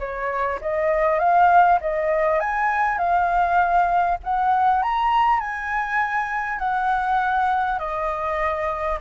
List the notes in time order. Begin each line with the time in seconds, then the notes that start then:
0.00 C#5
0.62 D#5
1.19 F5
1.81 D#5
2.40 G#5
2.98 F5
4.24 F#5
4.83 A#5
5.41 G#5
6.59 F#5
7.79 D#5